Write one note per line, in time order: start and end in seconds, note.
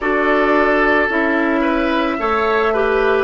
0.00 1.08 D4
0.00 1.10 F#4
0.00 1.60 A4
0.00 1.08 D5
1.08 2.17 C#4
1.08 2.19 E4
1.08 3.24 E5
1.60 2.15 B4
2.19 3.24 A3
2.19 2.73 A4
2.19 2.73 C#5
2.73 3.24 G4
2.73 3.24 B4